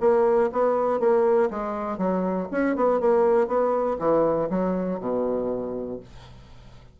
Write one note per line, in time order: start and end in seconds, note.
0.00 0.50 A#3
0.52 1.00 B3
1.00 1.50 A#3
1.50 1.98 G#3
1.98 2.48 F#3
2.51 2.75 C#4
2.75 3.00 B3
3.00 3.47 A#3
3.47 3.97 B3
3.99 4.49 E3
4.49 4.99 F#3
4.99 5.99 B2